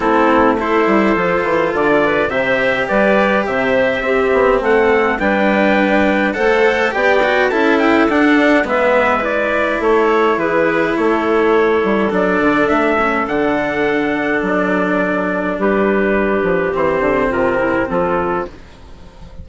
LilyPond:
<<
  \new Staff \with { instrumentName = "trumpet" } { \time 4/4 \tempo 4 = 104 a'4 c''2 d''4 | e''4 d''4 e''2 | fis''4 g''2 fis''4 | g''4 a''8 g''8 fis''4 e''4 |
d''4 cis''4 b'4 cis''4~ | cis''4 d''4 e''4 fis''4~ | fis''4 d''2 b'4~ | b'4 c''4 ais'4 a'4 | }
  \new Staff \with { instrumentName = "clarinet" } { \time 4/4 e'4 a'2~ a'8 b'8 | c''4 b'4 c''4 g'4 | a'4 b'2 c''4 | d''4 a'2 b'4~ |
b'4 a'4 gis'4 a'4~ | a'1~ | a'2. g'4~ | g'2 f'8 e'8 f'4 | }
  \new Staff \with { instrumentName = "cello" } { \time 4/4 c'4 e'4 f'2 | g'2. c'4~ | c'4 d'2 a'4 | g'8 fis'8 e'4 d'4 b4 |
e'1~ | e'4 d'4. cis'8 d'4~ | d'1~ | d'4 c'2. | }
  \new Staff \with { instrumentName = "bassoon" } { \time 4/4 a4. g8 f8 e8 d4 | c4 g4 c4 c'8 b8 | a4 g2 a4 | b4 cis'4 d'4 gis4~ |
gis4 a4 e4 a4~ | a8 g8 fis8 d8 a4 d4~ | d4 fis2 g4~ | g8 f8 e8 d8 c4 f4 | }
>>